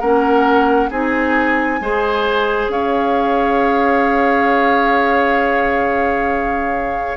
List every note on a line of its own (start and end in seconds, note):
0.00 0.90 A#3
0.00 0.91 C#4
0.00 0.90 A#4
0.00 0.90 F#5
0.90 1.81 C4
0.90 1.80 D#4
0.90 1.80 G#4
0.90 2.71 G#5
1.81 2.68 G#3
1.81 7.18 G#4
1.81 2.72 C5
2.68 7.16 C#4
2.68 7.18 C#5
2.68 7.18 F5